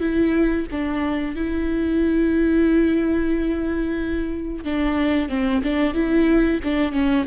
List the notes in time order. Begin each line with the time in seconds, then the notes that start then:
0.00 E4
0.71 D4
1.35 E4
4.64 D4
5.29 C4
5.63 D4
5.94 E4
6.63 D4
6.92 C#4